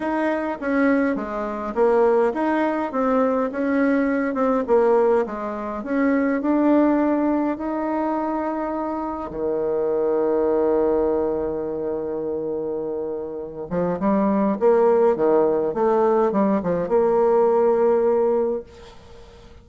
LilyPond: \new Staff \with { instrumentName = "bassoon" } { \time 4/4 \tempo 4 = 103 dis'4 cis'4 gis4 ais4 | dis'4 c'4 cis'4. c'8 | ais4 gis4 cis'4 d'4~ | d'4 dis'2. |
dis1~ | dis2.~ dis8 f8 | g4 ais4 dis4 a4 | g8 f8 ais2. | }